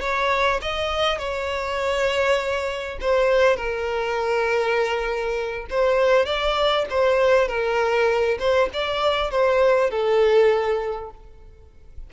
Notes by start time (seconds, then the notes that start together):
0.00 C#5
0.61 D#5
1.18 C#5
3.01 C5
3.56 A#4
5.69 C5
6.25 D5
6.89 C5
7.48 A#4
8.39 C5
8.73 D5
9.31 C5
9.90 A4